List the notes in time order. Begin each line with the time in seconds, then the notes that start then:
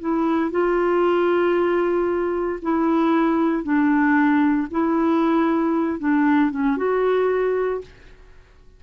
0.00 E4
0.51 F4
2.62 E4
3.63 D4
4.71 E4
5.99 D4
6.51 C#4
6.77 F#4